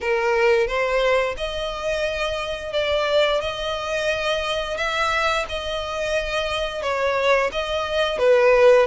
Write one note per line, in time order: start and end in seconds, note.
0.00 0.67 A#4
0.67 1.35 C5
1.37 2.72 D#5
2.72 3.41 D5
3.41 4.77 D#5
4.77 5.45 E5
5.49 6.82 D#5
6.82 7.50 C#5
7.52 8.18 D#5
8.18 8.86 B4